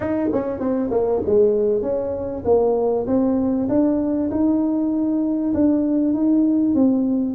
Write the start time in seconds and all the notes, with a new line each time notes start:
0.00 D#4
0.32 C#4
0.59 C4
0.90 A#3
1.26 G#3
1.82 C#4
2.44 A#3
3.06 C4
3.68 D4
4.30 D#4
5.54 D4
6.13 D#4
6.75 C4